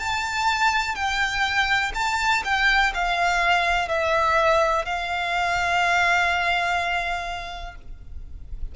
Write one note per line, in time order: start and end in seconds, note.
0.00 0.95 A5
0.95 1.92 G5
1.95 2.43 A5
2.45 2.93 G5
2.94 3.89 F5
3.89 4.85 E5
4.85 7.76 F5